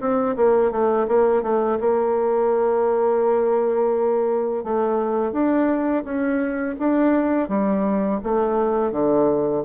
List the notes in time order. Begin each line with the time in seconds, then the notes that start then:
0.00 C4
0.36 A#3
0.71 A3
1.08 A#3
1.43 A3
1.80 A#3
4.63 A3
5.32 D4
6.04 C#4
6.79 D4
7.48 G3
8.23 A3
8.92 D3